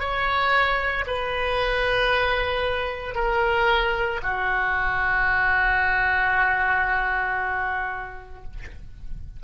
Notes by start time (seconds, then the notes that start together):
0.00 C#5
1.07 B4
3.15 A#4
4.23 F#4